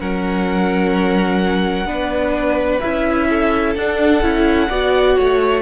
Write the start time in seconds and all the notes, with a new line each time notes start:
0.00 F#3 C#4 A#4 F#5
1.86 B3 D4 B4
2.80 C#4 E4 E5
3.30 A4
3.76 D4 F#5
4.22 C#4 E4
4.69 B3 F#4 D5
5.16 A3 C#5